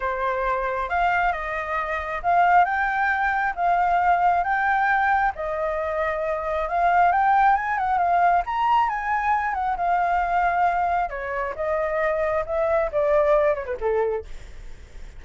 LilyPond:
\new Staff \with { instrumentName = "flute" } { \time 4/4 \tempo 4 = 135 c''2 f''4 dis''4~ | dis''4 f''4 g''2 | f''2 g''2 | dis''2. f''4 |
g''4 gis''8 fis''8 f''4 ais''4 | gis''4. fis''8 f''2~ | f''4 cis''4 dis''2 | e''4 d''4. cis''16 b'16 a'4 | }